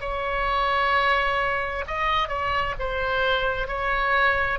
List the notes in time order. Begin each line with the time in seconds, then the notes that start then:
0.00 C#5
1.87 D#5
2.28 C#5
2.79 C5
3.67 C#5